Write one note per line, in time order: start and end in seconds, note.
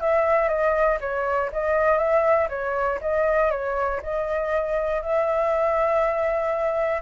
0.00 0.48 E5
0.48 0.98 D#5
1.00 1.50 C#5
1.52 1.97 D#5
1.97 2.48 E5
2.49 2.99 C#5
3.01 3.50 D#5
3.50 4.00 C#5
4.02 5.02 D#5
5.02 7.01 E5